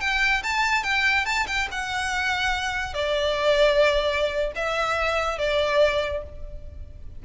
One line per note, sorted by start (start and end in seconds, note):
0.00 0.42 G5
0.43 0.83 A5
0.83 1.25 G5
1.25 1.46 A5
1.47 1.68 G5
1.71 2.93 F#5
2.93 4.52 D5
4.55 5.38 E5
5.38 6.22 D5